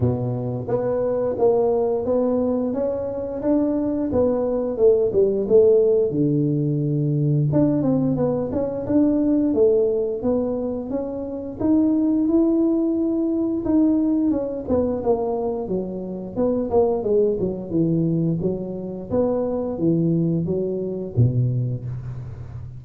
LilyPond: \new Staff \with { instrumentName = "tuba" } { \time 4/4 \tempo 4 = 88 b,4 b4 ais4 b4 | cis'4 d'4 b4 a8 g8 | a4 d2 d'8 c'8 | b8 cis'8 d'4 a4 b4 |
cis'4 dis'4 e'2 | dis'4 cis'8 b8 ais4 fis4 | b8 ais8 gis8 fis8 e4 fis4 | b4 e4 fis4 b,4 | }